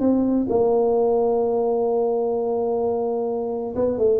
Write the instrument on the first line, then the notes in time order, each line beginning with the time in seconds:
tuba
0.00 C4
0.49 A#3
3.75 B3
3.98 A3